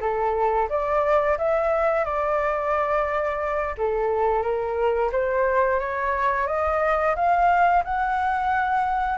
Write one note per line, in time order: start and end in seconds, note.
0.00 0.68 A4
0.69 1.37 D5
1.38 2.05 E5
2.05 3.75 D5
3.77 4.42 A4
4.42 5.10 A#4
5.12 5.79 C5
5.79 6.46 C#5
6.46 7.15 D#5
7.15 7.83 F5
7.84 9.18 F#5